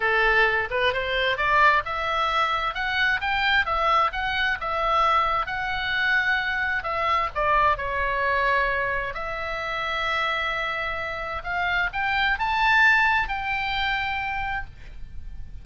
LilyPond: \new Staff \with { instrumentName = "oboe" } { \time 4/4 \tempo 4 = 131 a'4. b'8 c''4 d''4 | e''2 fis''4 g''4 | e''4 fis''4 e''2 | fis''2. e''4 |
d''4 cis''2. | e''1~ | e''4 f''4 g''4 a''4~ | a''4 g''2. | }